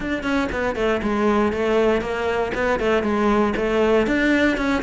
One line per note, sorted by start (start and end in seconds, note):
0.00 0.23 D4
0.23 0.48 C#4
0.52 0.75 B3
0.75 1.01 A3
1.02 1.52 G#3
1.52 2.01 A3
2.01 2.52 A#3
2.54 2.79 B3
2.79 3.03 A3
3.03 3.53 G#3
3.56 4.07 A3
4.07 4.57 D4
4.57 4.82 C#4